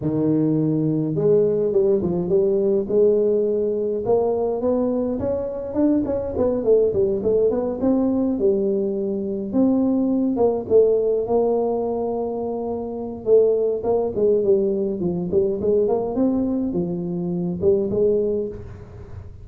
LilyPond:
\new Staff \with { instrumentName = "tuba" } { \time 4/4 \tempo 4 = 104 dis2 gis4 g8 f8 | g4 gis2 ais4 | b4 cis'4 d'8 cis'8 b8 a8 | g8 a8 b8 c'4 g4.~ |
g8 c'4. ais8 a4 ais8~ | ais2. a4 | ais8 gis8 g4 f8 g8 gis8 ais8 | c'4 f4. g8 gis4 | }